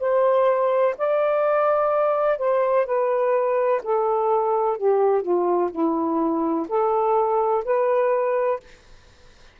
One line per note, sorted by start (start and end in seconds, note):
0.00 0.95 C5
0.98 2.38 D5
2.38 2.86 C5
2.86 3.81 B4
3.84 4.77 A4
4.77 5.22 G4
5.22 5.70 F4
5.71 6.67 E4
6.69 7.64 A4
7.65 8.60 B4